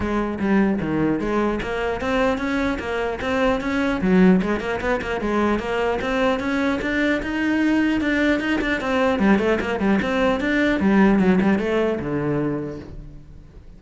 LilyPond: \new Staff \with { instrumentName = "cello" } { \time 4/4 \tempo 4 = 150 gis4 g4 dis4 gis4 | ais4 c'4 cis'4 ais4 | c'4 cis'4 fis4 gis8 ais8 | b8 ais8 gis4 ais4 c'4 |
cis'4 d'4 dis'2 | d'4 dis'8 d'8 c'4 g8 a8 | ais8 g8 c'4 d'4 g4 | fis8 g8 a4 d2 | }